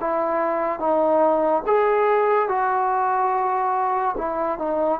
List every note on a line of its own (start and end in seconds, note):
0.00 0.79 E4
0.79 1.62 D#4
1.66 2.48 G#4
2.48 4.15 F#4
4.17 4.58 E4
4.58 5.00 D#4